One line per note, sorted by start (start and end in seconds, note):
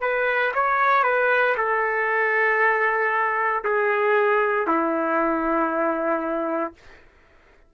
0.00 0.52 B4
0.54 1.03 C#5
1.03 1.55 B4
1.57 3.63 A4
3.64 4.66 G#4
4.66 6.73 E4